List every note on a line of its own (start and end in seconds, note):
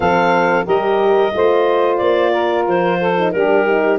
0.00 0.66 F3
0.00 0.65 C4
0.00 0.65 A4
0.00 0.65 F5
0.65 1.34 G3
0.65 1.32 G4
0.65 1.32 A#4
0.65 1.97 D#5
1.34 2.01 A3
1.34 3.17 F4
1.34 2.32 C5
1.97 2.67 A#3
1.97 2.63 D5
2.32 2.98 A#4
2.67 3.34 F3
2.67 3.31 C5
2.99 3.32 A4
3.17 3.34 D#4
3.31 3.98 G3
3.31 3.65 D4
3.31 3.98 G4
3.31 3.98 A#4
3.65 3.98 D#4